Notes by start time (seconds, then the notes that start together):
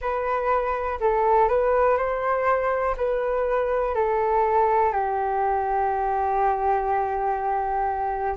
0.00 B4
1.00 A4
1.48 B4
1.97 C5
2.96 B4
3.94 A4
4.92 G4